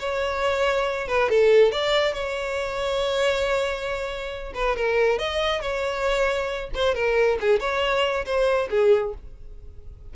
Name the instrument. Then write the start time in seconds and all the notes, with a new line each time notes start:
violin
0.00 C#5
1.08 B4
1.30 A4
1.72 D5
2.14 C#5
4.55 B4
4.77 A#4
5.19 D#5
5.62 C#5
6.75 C5
6.95 A#4
7.41 G#4
7.60 C#5
8.26 C5
8.71 G#4